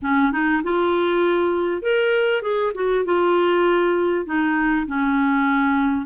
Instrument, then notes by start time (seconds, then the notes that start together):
clarinet
0.02 C#4
0.32 D#4
0.63 F4
1.82 A#4
2.42 G#4
2.74 F#4
3.04 F4
4.25 D#4
4.86 C#4